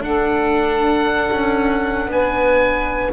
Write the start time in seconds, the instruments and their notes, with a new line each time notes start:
0.00 double bass D4, viola D4, saxophone A4, oboe F#5
1.31 double bass C#4
2.06 double bass B3, saxophone B4, oboe G#5